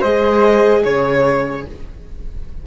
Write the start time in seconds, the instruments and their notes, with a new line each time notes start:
0.00 cello G#3, viola G#4, flute C5, violin D#5
0.84 cello C#3, violin C#5, flute C#5